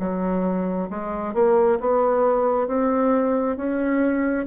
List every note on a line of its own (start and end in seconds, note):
0.00 0.90 F#3
0.90 1.34 G#3
1.34 1.79 A#3
1.81 2.68 B3
2.68 3.57 C4
3.57 4.47 C#4